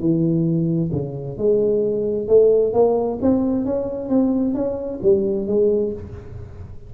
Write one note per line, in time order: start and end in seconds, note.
0.00 0.91 E3
0.92 1.38 C#3
1.38 2.28 G#3
2.28 2.74 A3
2.74 3.19 A#3
3.22 3.65 C4
3.65 4.10 C#4
4.10 4.55 C4
4.55 5.00 C#4
5.03 5.48 G3
5.48 5.93 G#3